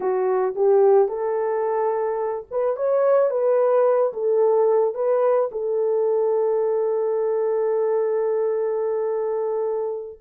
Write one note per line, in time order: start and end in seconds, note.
0.00 0.54 F#4
0.55 1.08 G4
1.08 2.45 A4
2.50 2.76 B4
2.76 3.30 C#5
3.30 4.13 B4
4.13 4.94 A4
4.94 5.49 B4
5.51 10.19 A4